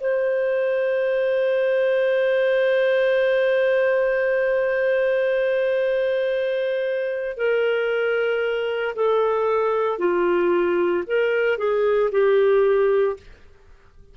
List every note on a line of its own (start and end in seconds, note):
0.00 7.37 C5
7.37 8.95 A#4
8.95 9.99 A4
9.99 11.04 F4
11.07 11.58 A#4
11.58 12.11 G#4
12.11 13.17 G4